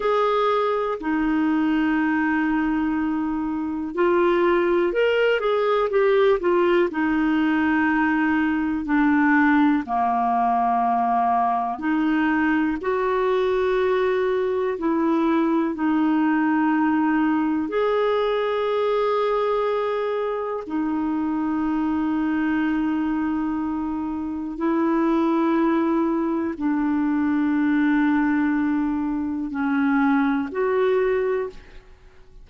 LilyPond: \new Staff \with { instrumentName = "clarinet" } { \time 4/4 \tempo 4 = 61 gis'4 dis'2. | f'4 ais'8 gis'8 g'8 f'8 dis'4~ | dis'4 d'4 ais2 | dis'4 fis'2 e'4 |
dis'2 gis'2~ | gis'4 dis'2.~ | dis'4 e'2 d'4~ | d'2 cis'4 fis'4 | }